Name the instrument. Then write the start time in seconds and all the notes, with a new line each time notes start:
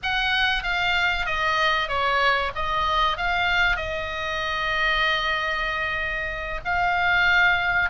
oboe
0.03 F#5
0.63 F5
1.25 D#5
1.88 C#5
2.55 D#5
3.17 F5
3.76 D#5
6.65 F5